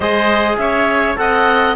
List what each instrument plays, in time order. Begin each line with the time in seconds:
0.00 cello G#3, trombone G#4, oboe C5, clarinet D#5
0.57 cello C#4, oboe C#5, clarinet E5
1.16 cello C4, trombone A4, oboe D#5, clarinet F#5